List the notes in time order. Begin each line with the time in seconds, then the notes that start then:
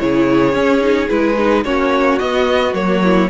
0.00 C#3 E4 G#4 C#5
0.53 C#4
0.81 D#4
1.09 G#3 E4 B4
1.39 D#4
1.65 A#3 C#4 F#4 C#5
2.19 B3 D#5
2.74 F#3 A#3 C#5
3.04 E4